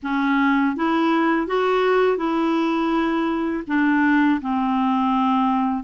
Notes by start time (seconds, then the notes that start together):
0.02 C#4
0.75 E4
1.47 F#4
2.17 E4
3.67 D4
4.41 C4